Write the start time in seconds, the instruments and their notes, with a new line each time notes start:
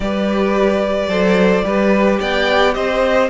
0.00 cello G3, viola G4, violin B4 D5
1.07 cello F#3, viola A4, violin C5
1.64 cello G3, viola G4, violin B4
2.19 cello B3, violin D5 G5
2.74 cello C4, violin C5 D#5